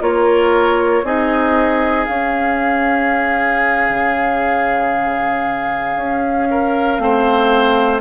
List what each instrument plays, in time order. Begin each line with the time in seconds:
0.00 bassoon A#3, clarinet F4, oboe A#4, flute C#5
1.03 bassoon C4, clarinet D#4, oboe G#4, flute D#5
2.05 clarinet C#4, bassoon C#4, flute F5
3.89 bassoon C#3
5.96 bassoon C#4
6.50 oboe A#4
6.98 bassoon A3, clarinet C4, oboe C5